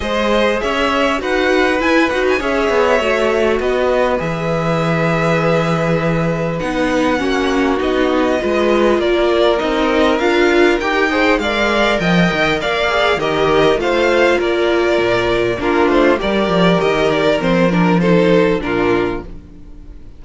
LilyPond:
<<
  \new Staff \with { instrumentName = "violin" } { \time 4/4 \tempo 4 = 100 dis''4 e''4 fis''4 gis''8 fis''16 gis''16 | e''2 dis''4 e''4~ | e''2. fis''4~ | fis''4 dis''2 d''4 |
dis''4 f''4 g''4 f''4 | g''4 f''4 dis''4 f''4 | d''2 ais'8 c''8 d''4 | dis''8 d''8 c''8 ais'8 c''4 ais'4 | }
  \new Staff \with { instrumentName = "violin" } { \time 4/4 c''4 cis''4 b'2 | cis''2 b'2~ | b'1 | fis'2 b'4 ais'4~ |
ais'2~ ais'8 c''8 d''4 | dis''4 d''4 ais'4 c''4 | ais'2 f'4 ais'4~ | ais'2 a'4 f'4 | }
  \new Staff \with { instrumentName = "viola" } { \time 4/4 gis'2 fis'4 e'8 fis'8 | gis'4 fis'2 gis'4~ | gis'2. dis'4 | cis'4 dis'4 f'2 |
dis'4 f'4 g'8 gis'8 ais'4~ | ais'4. gis'8 g'4 f'4~ | f'2 d'4 g'4~ | g'4 c'8 d'8 dis'4 d'4 | }
  \new Staff \with { instrumentName = "cello" } { \time 4/4 gis4 cis'4 dis'4 e'8 dis'8 | cis'8 b8 a4 b4 e4~ | e2. b4 | ais4 b4 gis4 ais4 |
c'4 d'4 dis'4 gis4 | f8 dis8 ais4 dis4 a4 | ais4 ais,4 ais8 a8 g8 f8 | dis4 f2 ais,4 | }
>>